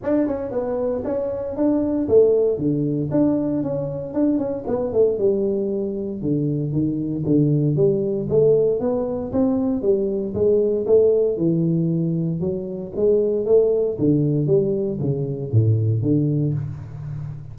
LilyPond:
\new Staff \with { instrumentName = "tuba" } { \time 4/4 \tempo 4 = 116 d'8 cis'8 b4 cis'4 d'4 | a4 d4 d'4 cis'4 | d'8 cis'8 b8 a8 g2 | d4 dis4 d4 g4 |
a4 b4 c'4 g4 | gis4 a4 e2 | fis4 gis4 a4 d4 | g4 cis4 a,4 d4 | }